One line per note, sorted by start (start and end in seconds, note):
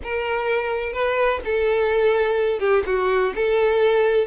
0.03 0.92 A#4
0.92 1.40 B4
1.44 2.59 A4
2.59 2.83 G4
2.86 3.33 F#4
3.35 4.27 A4